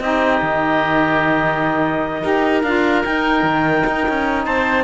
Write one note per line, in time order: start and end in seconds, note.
0.00 0.41 C4
0.00 2.22 D#4
0.00 2.22 G4
0.00 2.62 D#5
0.41 2.24 D#3
2.22 2.63 D#4
2.22 2.63 G4
2.22 4.45 A#4
2.62 3.04 D4
2.62 3.03 F4
2.62 3.03 F5
3.03 4.84 D#4
3.03 3.43 D#4
3.03 4.45 G5
3.43 3.83 D#3
3.87 4.07 D#4
4.09 4.47 C#4
4.45 4.84 C4
4.45 4.84 C5
4.45 4.84 A5